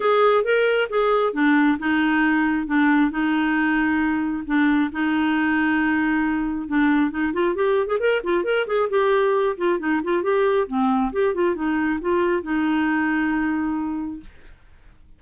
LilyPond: \new Staff \with { instrumentName = "clarinet" } { \time 4/4 \tempo 4 = 135 gis'4 ais'4 gis'4 d'4 | dis'2 d'4 dis'4~ | dis'2 d'4 dis'4~ | dis'2. d'4 |
dis'8 f'8 g'8. gis'16 ais'8 f'8 ais'8 gis'8 | g'4. f'8 dis'8 f'8 g'4 | c'4 g'8 f'8 dis'4 f'4 | dis'1 | }